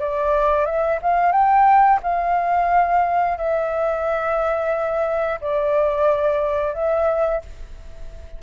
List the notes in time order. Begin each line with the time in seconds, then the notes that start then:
0.00 D5
0.66 E5
1.02 F5
1.32 G5
2.03 F5
3.38 E5
5.41 D5
6.74 E5